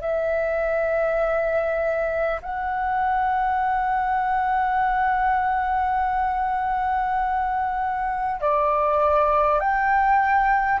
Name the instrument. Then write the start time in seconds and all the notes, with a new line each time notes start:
flute
0.00 E5
2.42 F#5
8.40 D5
9.59 G5